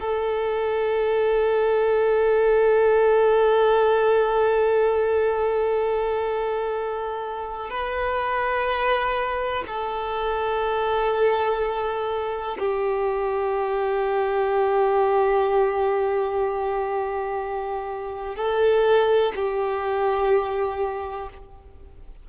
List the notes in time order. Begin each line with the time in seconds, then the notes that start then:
0.00 A4
7.70 B4
9.67 A4
12.59 G4
18.36 A4
19.36 G4